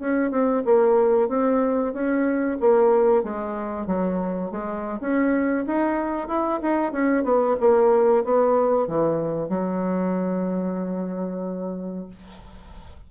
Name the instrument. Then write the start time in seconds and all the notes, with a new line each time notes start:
bassoon
0.00 C#4
0.31 C4
0.65 A#3
1.29 C4
1.94 C#4
2.60 A#3
3.24 G#3
3.87 F#3
4.51 G#3
5.01 C#4
5.67 D#4
6.28 E4
6.62 D#4
6.92 C#4
7.24 B3
7.60 A#3
8.25 B3
8.88 E3
9.50 F#3